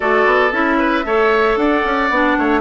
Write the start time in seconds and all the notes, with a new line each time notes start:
0.00 A3 F#4 A4 D5
0.25 B3
0.51 C#4 E4 E5
0.78 B4
1.04 A3 A4 C#5
1.56 D4 D5 F#5
1.84 C#4
2.10 B3 D4
2.38 A3 C#5